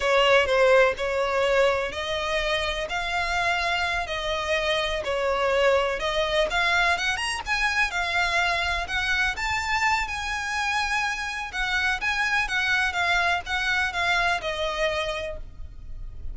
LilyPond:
\new Staff \with { instrumentName = "violin" } { \time 4/4 \tempo 4 = 125 cis''4 c''4 cis''2 | dis''2 f''2~ | f''8 dis''2 cis''4.~ | cis''8 dis''4 f''4 fis''8 ais''8 gis''8~ |
gis''8 f''2 fis''4 a''8~ | a''4 gis''2. | fis''4 gis''4 fis''4 f''4 | fis''4 f''4 dis''2 | }